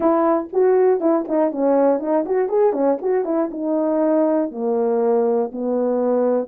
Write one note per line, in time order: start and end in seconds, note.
0.00 0.48 E4
0.52 1.00 F#4
1.00 1.25 E4
1.27 1.51 D#4
1.51 1.99 C#4
1.99 2.24 D#4
2.25 2.49 F#4
2.49 2.73 G#4
2.73 2.97 C#4
3.01 3.25 F#4
3.25 3.50 E4
3.51 4.51 D#4
4.51 5.51 A#3
5.52 6.48 B3